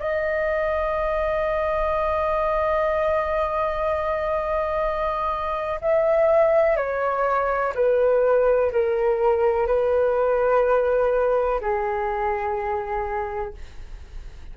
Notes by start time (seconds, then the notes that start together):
0.00 D#5
5.82 E5
6.77 C#5
7.75 B4
8.73 A#4
9.67 B4
11.61 G#4